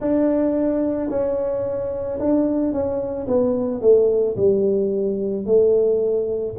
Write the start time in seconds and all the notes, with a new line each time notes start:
0.00 D4
1.09 C#4
2.19 D4
2.72 C#4
3.27 B3
3.81 A3
4.36 G3
5.45 A3